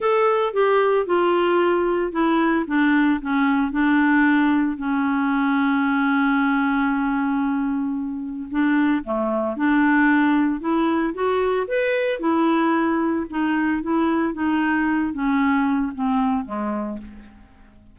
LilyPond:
\new Staff \with { instrumentName = "clarinet" } { \time 4/4 \tempo 4 = 113 a'4 g'4 f'2 | e'4 d'4 cis'4 d'4~ | d'4 cis'2.~ | cis'1 |
d'4 a4 d'2 | e'4 fis'4 b'4 e'4~ | e'4 dis'4 e'4 dis'4~ | dis'8 cis'4. c'4 gis4 | }